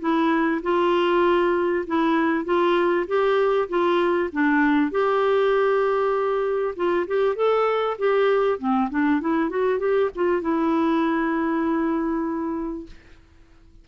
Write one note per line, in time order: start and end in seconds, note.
0.00 0.61 E4
0.62 1.85 F4
1.86 2.45 E4
2.45 3.06 F4
3.07 3.68 G4
3.69 4.30 F4
4.32 4.91 D4
4.91 6.75 G4
6.76 7.06 F4
7.07 7.36 G4
7.36 7.97 A4
7.98 8.59 G4
8.59 8.89 C4
8.90 9.21 D4
9.21 9.50 E4
9.50 9.79 F#4
9.79 10.10 G4
10.15 10.41 F4
10.41 12.86 E4